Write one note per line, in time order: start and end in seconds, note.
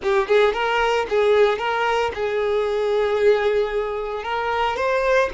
0.03 0.27 G4
0.27 0.53 G#4
0.53 1.06 A#4
1.09 1.58 G#4
1.58 2.11 A#4
2.14 4.23 G#4
4.23 4.76 A#4
4.76 5.29 C5